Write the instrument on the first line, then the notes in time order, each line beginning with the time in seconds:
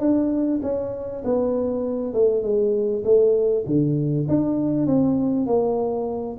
tuba
0.00 D4
0.63 C#4
1.25 B3
2.14 A3
2.43 G#3
3.05 A3
3.67 D3
4.29 D4
4.87 C4
5.47 A#3